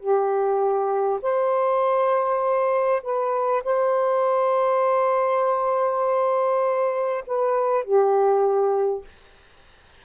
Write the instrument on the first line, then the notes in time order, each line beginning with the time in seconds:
saxophone
0.00 G4
1.23 C5
3.03 B4
3.64 C5
7.27 B4
7.85 G4